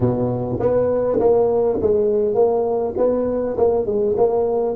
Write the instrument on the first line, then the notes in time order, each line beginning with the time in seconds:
tuba
0.00 B2
0.59 B3
1.19 A#3
1.81 G#3
2.34 A#3
2.97 B3
3.57 A#3
3.85 G#3
4.17 A#3